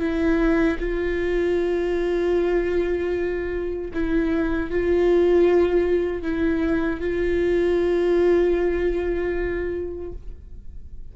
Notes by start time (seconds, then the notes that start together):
0.00 E4
0.80 F4
3.94 E4
4.71 F4
6.23 E4
7.01 F4